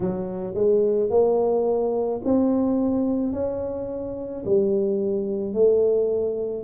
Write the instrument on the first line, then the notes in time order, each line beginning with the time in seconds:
tuba
0.00 F#3
0.54 G#3
1.10 A#3
2.24 C4
3.32 C#4
4.45 G3
5.53 A3